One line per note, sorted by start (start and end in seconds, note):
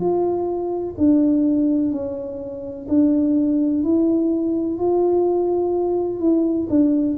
0.00 0.95 F4
0.97 1.91 D4
1.91 2.87 C#4
2.88 3.84 D4
3.84 4.78 E4
4.78 6.20 F4
6.20 6.68 E4
6.70 7.17 D4